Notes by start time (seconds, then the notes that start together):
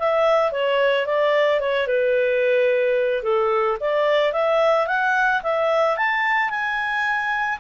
0.00 E5
0.52 C#5
1.07 D5
1.61 C#5
1.87 B4
3.24 A4
3.81 D5
4.33 E5
4.88 F#5
5.43 E5
5.98 A5
6.50 G#5